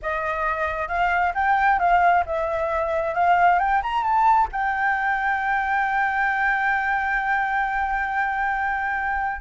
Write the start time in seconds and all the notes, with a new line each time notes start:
0.02 D#5
0.88 F5
1.34 G5
1.79 F5
2.26 E5
3.14 F5
3.59 G5
3.82 A#5
4.03 A5
4.52 G5